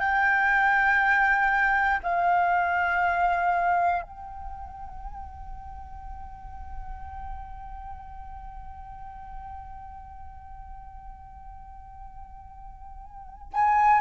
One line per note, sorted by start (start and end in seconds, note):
0.00 2.00 G5
2.03 4.02 F5
4.02 13.52 G5
13.53 14.01 G#5